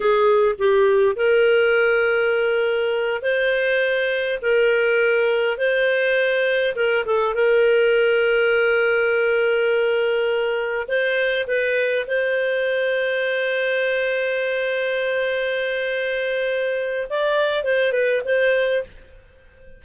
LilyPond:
\new Staff \with { instrumentName = "clarinet" } { \time 4/4 \tempo 4 = 102 gis'4 g'4 ais'2~ | ais'4. c''2 ais'8~ | ais'4. c''2 ais'8 | a'8 ais'2.~ ais'8~ |
ais'2~ ais'8 c''4 b'8~ | b'8 c''2.~ c''8~ | c''1~ | c''4 d''4 c''8 b'8 c''4 | }